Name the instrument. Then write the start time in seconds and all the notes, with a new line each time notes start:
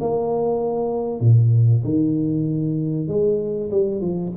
tuba
0.00 A#3
1.20 A#2
1.84 D#3
3.08 G#3
3.71 G3
4.01 F3